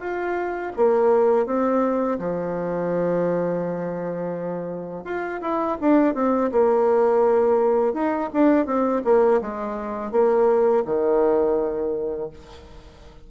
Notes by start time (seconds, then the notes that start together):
0.00 F4
0.76 A#3
1.46 C4
2.19 F3
5.04 F4
5.41 E4
5.81 D4
6.14 C4
6.52 A#3
7.94 D#4
8.33 D4
8.66 C4
9.04 A#3
9.41 G#3
10.11 A#3
10.85 D#3